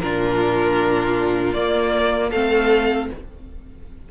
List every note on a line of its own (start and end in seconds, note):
0.00 1.55 A#2
0.00 1.56 D4
0.00 2.30 F4
0.00 1.53 A#4
1.53 2.32 A#3
1.53 2.33 A#3
1.53 2.30 D5
2.30 3.10 A3
2.30 3.11 C4
2.30 3.07 A4
2.30 3.09 F5